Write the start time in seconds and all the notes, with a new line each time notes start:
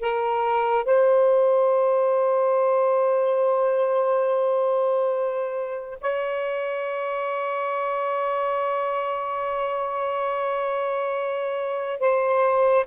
0.00 A#4
0.85 C5
6.01 C#5
12.00 C5